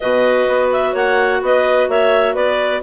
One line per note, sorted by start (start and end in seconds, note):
0.00 0.48 B2
0.00 2.82 F#4
0.00 0.92 B4
0.00 0.68 D#5
0.48 0.94 B3
0.72 0.96 E5
0.92 1.41 A#3
0.92 1.39 C#5
0.92 1.43 F#5
1.41 1.88 B3
1.41 1.90 B4
1.41 1.89 D#5
1.88 2.34 A#3
1.88 2.34 C#5
1.88 2.35 E5
2.34 2.81 B3
2.34 2.81 B4
2.34 2.82 D5